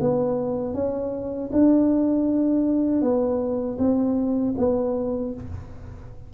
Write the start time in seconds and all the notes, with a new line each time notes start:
0.00 B3
0.74 C#4
1.52 D4
3.01 B3
3.78 C4
4.57 B3